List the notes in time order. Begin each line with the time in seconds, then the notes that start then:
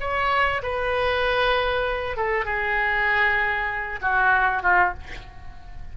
0.00 C#5
0.62 B4
2.16 A4
2.45 G#4
4.01 F#4
4.63 F4